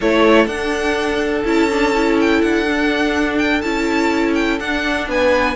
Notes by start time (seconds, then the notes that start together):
0.00 A3 E4 A4 C#5
0.46 D4 F#5
1.44 C#4 E4 A5
1.70 D4
1.93 E4
2.20 G5
2.41 D4 F#5
2.66 D4
3.38 G5
3.61 C#4 E4 A5
4.34 G5
4.59 D4 F#5
5.07 B3 B4 G#5